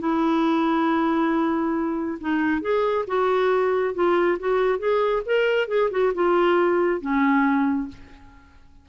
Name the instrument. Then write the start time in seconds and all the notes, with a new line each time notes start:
clarinet
0.00 E4
2.21 D#4
2.62 G#4
3.08 F#4
3.95 F4
4.40 F#4
4.79 G#4
5.26 A#4
5.68 G#4
5.91 F#4
6.15 F4
7.01 C#4